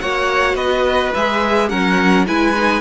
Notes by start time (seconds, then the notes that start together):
0.00 A#3 F#4 C#5 F#5
0.55 B3 B4 D#5
1.14 G#3 G#4 E5
1.69 F#3 C#4 A#4 F#5
2.26 G#3 E4 B4 G#5
2.56 D#4